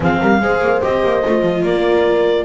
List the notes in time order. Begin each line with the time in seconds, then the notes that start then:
0.00 F3 C4 G#4 F5
0.20 G3 A#4
0.40 G#3 G#4 C5
0.60 A#3
0.82 C4 G4 D#5
1.03 A#3
1.25 A3 F4
1.42 F3
1.62 A#3 A#4 D5